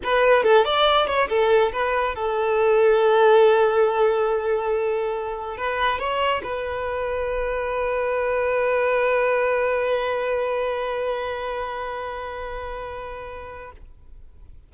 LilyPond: \new Staff \with { instrumentName = "violin" } { \time 4/4 \tempo 4 = 140 b'4 a'8 d''4 cis''8 a'4 | b'4 a'2.~ | a'1~ | a'4 b'4 cis''4 b'4~ |
b'1~ | b'1~ | b'1~ | b'1 | }